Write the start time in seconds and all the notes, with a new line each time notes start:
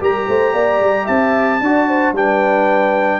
0.00 G3 G4 A#4 A#5
0.28 A3 C5
0.53 A#3 D5
0.80 G3
1.04 C4 E5 A5
1.60 D4 F#4 D5
1.89 C5
2.13 G3 D4 B4 G5